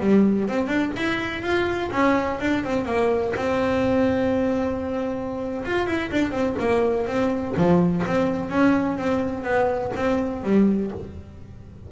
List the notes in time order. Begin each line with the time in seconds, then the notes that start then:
0.00 G3
0.48 C4
0.68 D4
0.97 E4
1.42 F4
1.92 C#4
2.40 D4
2.65 C4
2.85 A#3
3.36 C4
5.65 F4
5.86 E4
6.12 D4
6.32 C4
6.59 A#3
7.07 C4
7.57 F3
8.06 C4
8.50 C#4
8.98 C4
9.44 B3
9.96 C4
10.43 G3